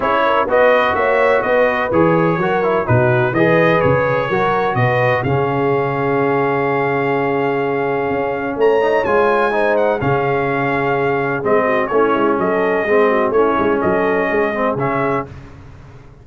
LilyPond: <<
  \new Staff \with { instrumentName = "trumpet" } { \time 4/4 \tempo 4 = 126 cis''4 dis''4 e''4 dis''4 | cis''2 b'4 dis''4 | cis''2 dis''4 f''4~ | f''1~ |
f''2 ais''4 gis''4~ | gis''8 fis''8 f''2. | dis''4 cis''4 dis''2 | cis''4 dis''2 e''4 | }
  \new Staff \with { instrumentName = "horn" } { \time 4/4 gis'8 ais'8 b'4 cis''4 b'4~ | b'4 ais'4 fis'4 b'4~ | b'4 ais'4 b'4 gis'4~ | gis'1~ |
gis'2 cis''2 | c''4 gis'2.~ | gis'8 fis'8 e'4 a'4 gis'8 fis'8 | e'4 a'4 gis'2 | }
  \new Staff \with { instrumentName = "trombone" } { \time 4/4 e'4 fis'2. | gis'4 fis'8 e'8 dis'4 gis'4~ | gis'4 fis'2 cis'4~ | cis'1~ |
cis'2~ cis'8 dis'8 f'4 | dis'4 cis'2. | c'4 cis'2 c'4 | cis'2~ cis'8 c'8 cis'4 | }
  \new Staff \with { instrumentName = "tuba" } { \time 4/4 cis'4 b4 ais4 b4 | e4 fis4 b,4 e4 | cis4 fis4 b,4 cis4~ | cis1~ |
cis4 cis'4 a4 gis4~ | gis4 cis2. | gis4 a8 gis8 fis4 gis4 | a8 gis8 fis4 gis4 cis4 | }
>>